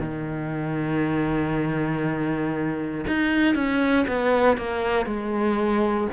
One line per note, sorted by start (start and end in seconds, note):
0.00 3.05 D#3
3.07 3.55 D#4
3.55 4.06 C#4
4.08 4.57 B3
4.57 5.06 A#3
5.06 6.07 G#3